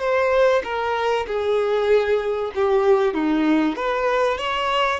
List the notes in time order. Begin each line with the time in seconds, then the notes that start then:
0.00 C5
0.64 A#4
1.27 G#4
2.55 G4
3.14 D#4
3.76 B4
4.38 C#5